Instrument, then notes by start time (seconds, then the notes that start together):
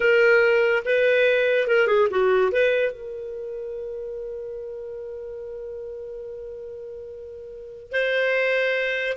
clarinet
0.00 A#4
0.85 B4
1.67 A#4
1.87 G#4
2.10 F#4
2.52 B4
2.91 A#4
7.91 C5